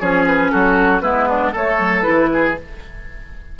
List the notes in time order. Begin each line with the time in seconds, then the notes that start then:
0.00 F3 C#4 G#4 C#5
0.26 B4
0.51 F#3 F#4 A4
1.00 G#3 B3 E4 B4
1.28 D4
1.52 A3 A4 C#5
1.79 F#3
2.01 E4 B4
2.08 E3
2.33 G#4